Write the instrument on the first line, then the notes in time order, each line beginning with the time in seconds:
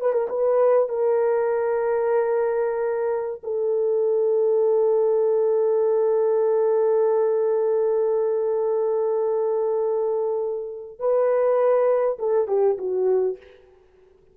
horn
0.00 B4
0.12 A#4
0.29 B4
0.89 A#4
3.43 A4
10.99 B4
12.18 A4
12.48 G4
12.78 F#4